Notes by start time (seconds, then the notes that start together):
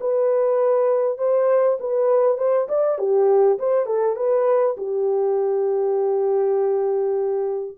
0.00 B4
1.18 C5
1.80 B4
2.37 C5
2.68 D5
2.98 G4
3.58 C5
3.86 A4
4.16 B4
4.77 G4